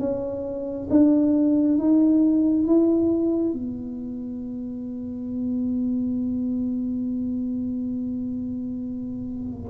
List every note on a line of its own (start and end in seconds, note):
0.00 0.88 C#4
0.91 1.78 D4
1.78 2.67 D#4
2.67 3.53 E4
3.53 9.70 B3